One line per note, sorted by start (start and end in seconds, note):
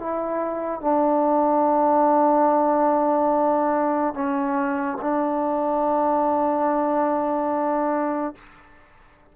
0.00 0.81 E4
0.81 4.14 D4
4.14 4.98 C#4
5.02 8.35 D4